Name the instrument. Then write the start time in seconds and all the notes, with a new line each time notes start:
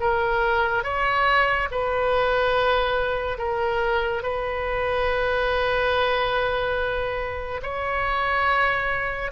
oboe
0.00 A#4
0.84 C#5
1.71 B4
3.38 A#4
4.23 B4
7.62 C#5